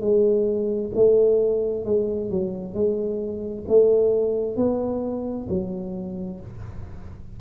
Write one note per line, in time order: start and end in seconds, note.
0.00 0.91 G#3
0.95 1.85 A3
1.85 2.30 G#3
2.30 2.74 F#3
2.74 3.64 G#3
3.68 4.56 A3
4.56 5.47 B3
5.49 6.40 F#3